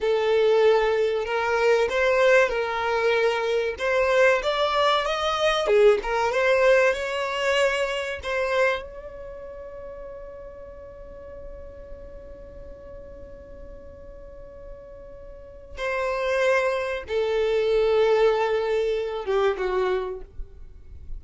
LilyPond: \new Staff \with { instrumentName = "violin" } { \time 4/4 \tempo 4 = 95 a'2 ais'4 c''4 | ais'2 c''4 d''4 | dis''4 gis'8 ais'8 c''4 cis''4~ | cis''4 c''4 cis''2~ |
cis''1~ | cis''1~ | cis''4 c''2 a'4~ | a'2~ a'8 g'8 fis'4 | }